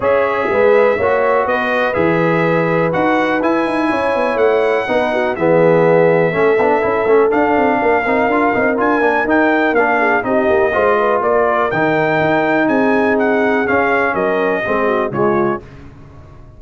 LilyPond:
<<
  \new Staff \with { instrumentName = "trumpet" } { \time 4/4 \tempo 4 = 123 e''2. dis''4 | e''2 fis''4 gis''4~ | gis''4 fis''2 e''4~ | e''2. f''4~ |
f''2 gis''4 g''4 | f''4 dis''2 d''4 | g''2 gis''4 fis''4 | f''4 dis''2 cis''4 | }
  \new Staff \with { instrumentName = "horn" } { \time 4/4 cis''4 b'4 cis''4 b'4~ | b'1 | cis''2 b'8 fis'8 gis'4~ | gis'4 a'2. |
ais'1~ | ais'8 gis'8 g'4 c''8 b'8 ais'4~ | ais'2 gis'2~ | gis'4 ais'4 gis'8 fis'8 f'4 | }
  \new Staff \with { instrumentName = "trombone" } { \time 4/4 gis'2 fis'2 | gis'2 fis'4 e'4~ | e'2 dis'4 b4~ | b4 cis'8 d'8 e'8 cis'8 d'4~ |
d'8 dis'8 f'8 dis'8 f'8 d'8 dis'4 | d'4 dis'4 f'2 | dis'1 | cis'2 c'4 gis4 | }
  \new Staff \with { instrumentName = "tuba" } { \time 4/4 cis'4 gis4 ais4 b4 | e2 dis'4 e'8 dis'8 | cis'8 b8 a4 b4 e4~ | e4 a8 b8 cis'8 a8 d'8 c'8 |
ais8 c'8 d'8 c'8 d'8 ais8 dis'4 | ais4 c'8 ais8 gis4 ais4 | dis4 dis'4 c'2 | cis'4 fis4 gis4 cis4 | }
>>